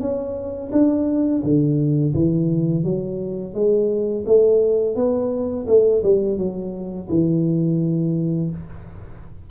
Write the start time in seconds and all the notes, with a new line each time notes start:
0.00 C#4
0.72 D4
1.43 D3
2.14 E3
2.84 F#3
3.54 G#3
4.25 A3
4.95 B3
5.67 A3
6.03 G3
6.38 F#3
7.09 E3